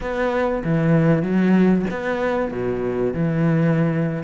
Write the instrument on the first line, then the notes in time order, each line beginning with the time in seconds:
cello
0.00 B3
0.64 E3
1.22 F#3
1.90 B3
2.51 B2
3.13 E3